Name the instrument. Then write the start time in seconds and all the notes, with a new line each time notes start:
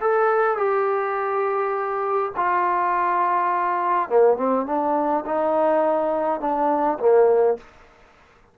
trombone
0.00 A4
0.57 G4
2.36 F4
4.09 A#3
4.37 C4
4.65 D4
5.25 D#4
6.40 D4
6.99 A#3